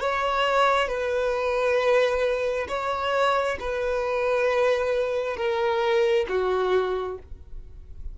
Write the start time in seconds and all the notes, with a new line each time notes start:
0.00 C#5
0.88 B4
2.68 C#5
3.60 B4
5.36 A#4
6.28 F#4